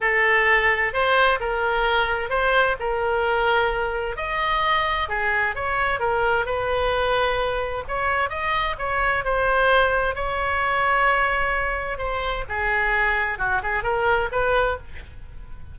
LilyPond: \new Staff \with { instrumentName = "oboe" } { \time 4/4 \tempo 4 = 130 a'2 c''4 ais'4~ | ais'4 c''4 ais'2~ | ais'4 dis''2 gis'4 | cis''4 ais'4 b'2~ |
b'4 cis''4 dis''4 cis''4 | c''2 cis''2~ | cis''2 c''4 gis'4~ | gis'4 fis'8 gis'8 ais'4 b'4 | }